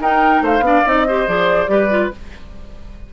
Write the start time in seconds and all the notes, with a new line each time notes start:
0.00 D#4 A#4 G5
0.41 A3 C5 F5
0.60 B3 D4
0.66 D5
0.85 C4 D#4 D#5
1.07 G4 C5
1.27 F3 G#4 D5
1.67 G3 G4 B4
1.90 F4